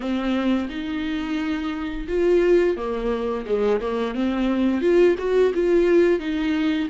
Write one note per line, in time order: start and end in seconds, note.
0.00 0.68 C4
0.69 2.07 D#4
2.08 2.76 F4
2.76 3.45 A#3
3.45 3.80 G#3
3.81 4.14 A#3
4.14 4.81 C4
4.81 5.15 F4
5.18 5.52 F#4
5.54 6.19 F4
6.19 6.88 D#4